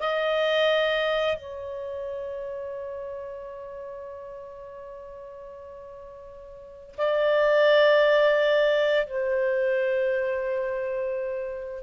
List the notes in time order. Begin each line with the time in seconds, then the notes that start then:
0.00 D#5
1.37 C#5
6.98 D5
9.07 C5